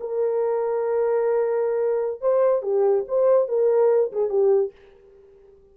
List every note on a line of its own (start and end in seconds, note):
0.00 2.21 A#4
2.21 2.62 C5
2.62 3.04 G4
3.07 3.48 C5
3.48 4.12 A#4
4.12 4.29 G#4
4.29 4.72 G4